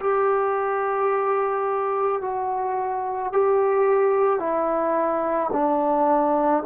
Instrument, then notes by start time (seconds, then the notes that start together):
trombone
0.00 G4
2.21 F#4
3.33 G4
4.39 E4
5.53 D4